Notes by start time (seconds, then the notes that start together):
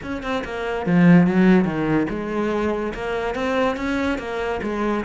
0.02 C#4
0.22 C4
0.44 A#3
0.85 F3
1.26 F#3
1.64 D#3
2.09 G#3
2.94 A#3
3.34 C4
3.76 C#4
4.18 A#3
4.62 G#3